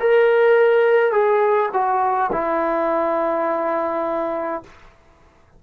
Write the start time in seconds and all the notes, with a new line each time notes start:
0.00 A#4
1.12 G#4
1.73 F#4
2.32 E4